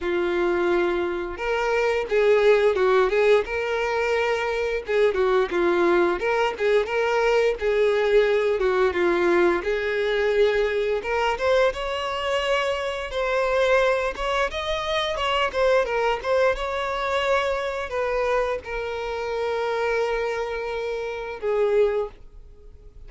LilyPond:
\new Staff \with { instrumentName = "violin" } { \time 4/4 \tempo 4 = 87 f'2 ais'4 gis'4 | fis'8 gis'8 ais'2 gis'8 fis'8 | f'4 ais'8 gis'8 ais'4 gis'4~ | gis'8 fis'8 f'4 gis'2 |
ais'8 c''8 cis''2 c''4~ | c''8 cis''8 dis''4 cis''8 c''8 ais'8 c''8 | cis''2 b'4 ais'4~ | ais'2. gis'4 | }